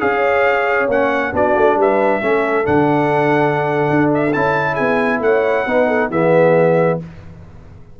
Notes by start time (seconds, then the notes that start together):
0.00 C#4 G#4 C#5 F5
0.88 A#3 C#4 F#5
1.32 B3 D4 F#4 D5
1.55 A3
1.76 G3 B4 E5
2.21 A3 C#4 A4
2.65 D3 D4 F#5
3.90 D4
4.14 E5
4.33 C#4 E4 A5
4.73 B3 G#4 G#5
5.20 A3 C#5 F#5
5.66 B3 D#4 B4
5.87 A4
6.10 E3 B3 G#4 E5